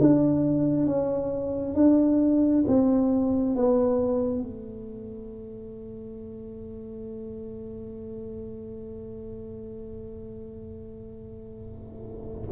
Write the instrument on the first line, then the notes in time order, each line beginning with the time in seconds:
tuba
0.00 D4
0.86 C#4
1.75 D4
2.67 C4
3.55 B3
4.42 A3